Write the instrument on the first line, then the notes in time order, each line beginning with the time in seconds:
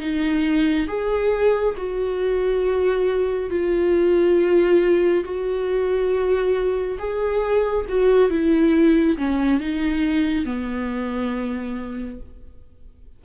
viola
0.00 D#4
0.88 G#4
1.77 F#4
3.50 F4
5.24 F#4
6.99 G#4
7.89 F#4
8.30 E4
9.17 C#4
9.60 D#4
10.45 B3